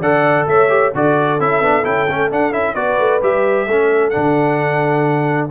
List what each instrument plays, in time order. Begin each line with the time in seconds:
0.00 tuba D3, trombone A4, horn D5, trumpet F#5
0.46 tuba A3, horn C#5, trumpet E5
0.68 trombone G4
0.94 tuba D3, trombone F#4, horn A4, trumpet D5
1.39 tuba C#4, trombone E4, trumpet E5
1.60 tuba B3, trombone D4
1.83 tuba C#4, trombone E4, trumpet G5
2.09 tuba A3, trombone C#4
2.30 trombone D4, tuba D4, trumpet F#5
2.52 tuba C#4, trombone E4, trumpet E5
2.74 tuba B3, trombone F#4, horn B4, trumpet D5
2.98 tuba A3
3.21 tuba G3, trombone G4, trumpet E5
3.67 tuba A3, trombone C#4, horn A4
4.09 trombone D4, trumpet F#5
4.16 tuba D3